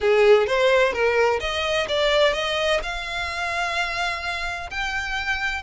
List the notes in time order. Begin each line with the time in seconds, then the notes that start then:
0.00 G#4
0.46 C5
0.92 A#4
1.40 D#5
1.88 D5
2.33 D#5
2.82 F5
4.70 G5